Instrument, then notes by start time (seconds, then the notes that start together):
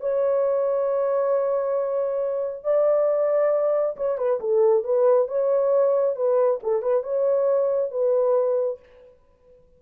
horn
0.00 C#5
2.64 D5
3.96 C#5
4.18 B4
4.40 A4
4.84 B4
5.28 C#5
6.16 B4
6.63 A4
6.82 B4
7.03 C#5
7.91 B4